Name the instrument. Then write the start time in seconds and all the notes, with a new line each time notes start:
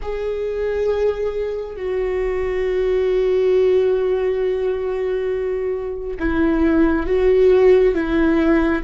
viola
0.02 G#4
1.76 F#4
6.19 E4
7.06 F#4
7.94 E4